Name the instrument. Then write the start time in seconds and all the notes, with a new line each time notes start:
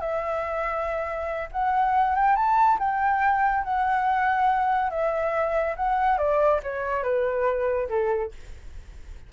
flute
0.00 E5
1.52 F#5
2.15 G5
2.36 A5
2.79 G5
3.64 F#5
4.90 E5
5.76 F#5
6.18 D5
6.63 C#5
7.03 B4
7.89 A4